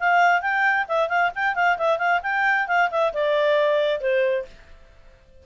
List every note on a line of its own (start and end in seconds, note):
0.00 0.42 F5
0.42 0.86 G5
0.89 1.08 E5
1.08 1.31 F5
1.35 1.55 G5
1.55 1.78 F5
1.78 1.98 E5
1.98 2.21 F5
2.23 2.67 G5
2.67 2.90 F5
2.91 3.13 E5
3.14 4.01 D5
4.01 4.45 C5